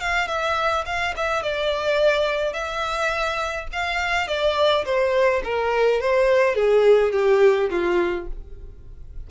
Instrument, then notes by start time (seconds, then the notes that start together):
violin
0.00 F5
0.27 E5
0.85 F5
1.16 E5
1.42 D5
2.53 E5
3.72 F5
4.27 D5
4.85 C5
5.43 A#4
6.00 C5
6.55 G#4
7.12 G4
7.70 F4